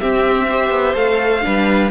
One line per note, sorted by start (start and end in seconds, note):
0.00 0.49 C4
0.00 0.70 C4
0.00 0.48 G4
0.00 0.95 E5
0.48 0.95 G4
0.48 1.45 C5
0.70 0.94 B3
0.95 1.44 A3
0.95 1.42 A4
0.95 1.91 F5
1.42 1.92 G3
1.42 1.90 D4
1.42 1.92 B4